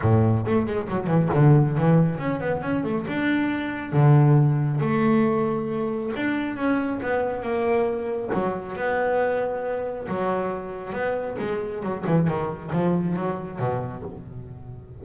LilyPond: \new Staff \with { instrumentName = "double bass" } { \time 4/4 \tempo 4 = 137 a,4 a8 gis8 fis8 e8 d4 | e4 cis'8 b8 cis'8 a8 d'4~ | d'4 d2 a4~ | a2 d'4 cis'4 |
b4 ais2 fis4 | b2. fis4~ | fis4 b4 gis4 fis8 e8 | dis4 f4 fis4 b,4 | }